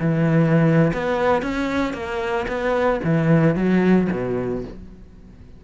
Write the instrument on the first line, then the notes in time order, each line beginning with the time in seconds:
cello
0.00 E3
0.93 B3
1.42 C#4
1.93 A#3
2.48 B3
3.04 E3
3.55 F#3
4.12 B2